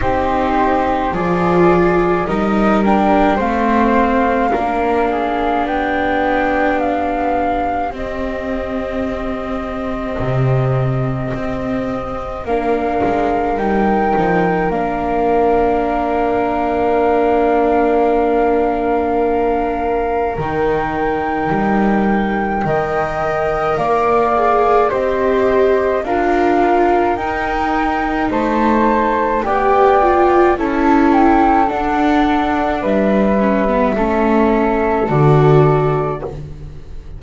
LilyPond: <<
  \new Staff \with { instrumentName = "flute" } { \time 4/4 \tempo 4 = 53 c''4 d''4 dis''8 g''8 f''4~ | f''4 g''4 f''4 dis''4~ | dis''2. f''4 | g''4 f''2.~ |
f''2 g''2~ | g''4 f''4 dis''4 f''4 | g''4 a''4 g''4 a''8 g''8 | fis''4 e''2 d''4 | }
  \new Staff \with { instrumentName = "flute" } { \time 4/4 g'4 gis'4 ais'4 c''4 | ais'8 gis'8 g'2.~ | g'2. ais'4~ | ais'1~ |
ais'1 | dis''4 d''4 c''4 ais'4~ | ais'4 c''4 d''4 a'4~ | a'4 b'4 a'2 | }
  \new Staff \with { instrumentName = "viola" } { \time 4/4 dis'4 f'4 dis'8 d'8 c'4 | d'2. c'4~ | c'2. d'4 | dis'4 d'2.~ |
d'2 dis'2 | ais'4. gis'8 g'4 f'4 | dis'2 g'8 f'8 e'4 | d'4. cis'16 b16 cis'4 fis'4 | }
  \new Staff \with { instrumentName = "double bass" } { \time 4/4 c'4 f4 g4 a4 | ais4 b2 c'4~ | c'4 c4 c'4 ais8 gis8 | g8 f8 ais2.~ |
ais2 dis4 g4 | dis4 ais4 c'4 d'4 | dis'4 a4 b4 cis'4 | d'4 g4 a4 d4 | }
>>